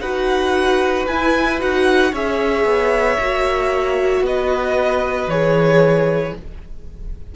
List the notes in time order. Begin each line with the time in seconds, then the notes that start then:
0.00 D#4 F#4 B4 F#5
1.07 E4 G#5
1.59 D#4 F#4 F#5
2.12 C#4 G#4 C#5 E5
2.65 B3
3.20 A#3 F#4
4.21 B3 B4 D#5
5.27 E3 G#4 C#5